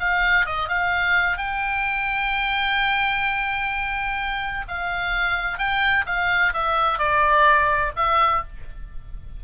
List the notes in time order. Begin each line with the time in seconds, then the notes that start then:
0.00 F5
0.46 D#5
0.69 F5
1.38 G5
4.69 F5
5.58 G5
6.06 F5
6.54 E5
6.99 D5
7.96 E5